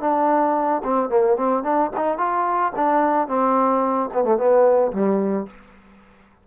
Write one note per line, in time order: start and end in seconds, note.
0.00 0.82 D4
0.84 1.09 C4
1.09 1.36 A#3
1.36 1.63 C4
1.63 1.90 D4
1.96 2.18 D#4
2.18 2.72 F4
2.76 3.28 D4
3.28 4.10 C4
4.13 4.23 B3
4.23 4.37 A3
4.37 4.92 B3
4.92 5.47 G3